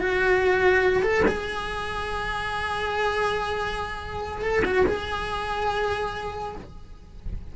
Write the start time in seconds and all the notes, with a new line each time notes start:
0.00 F#4
1.03 A4
1.28 G#4
4.42 A4
4.65 F#4
4.87 G#4